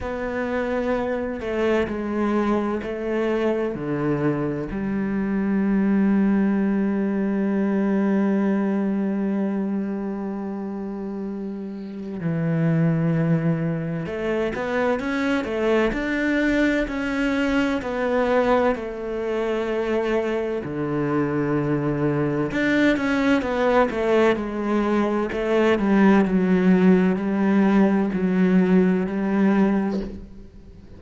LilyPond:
\new Staff \with { instrumentName = "cello" } { \time 4/4 \tempo 4 = 64 b4. a8 gis4 a4 | d4 g2.~ | g1~ | g4 e2 a8 b8 |
cis'8 a8 d'4 cis'4 b4 | a2 d2 | d'8 cis'8 b8 a8 gis4 a8 g8 | fis4 g4 fis4 g4 | }